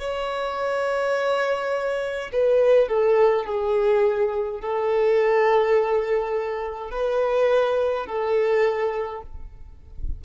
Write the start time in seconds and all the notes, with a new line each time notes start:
0.00 C#5
2.33 B4
2.88 A4
3.46 G#4
4.61 A4
6.91 B4
8.07 A4